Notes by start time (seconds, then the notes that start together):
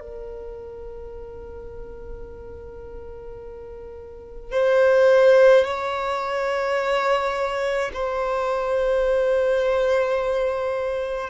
0.00 A#4
4.52 C5
5.66 C#5
7.94 C5